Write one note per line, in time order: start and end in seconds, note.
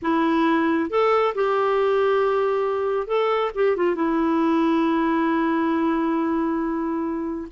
0.02 0.90 E4
0.90 1.34 A4
1.34 3.07 G4
3.07 3.51 A4
3.55 3.76 G4
3.76 3.95 F4
3.95 7.48 E4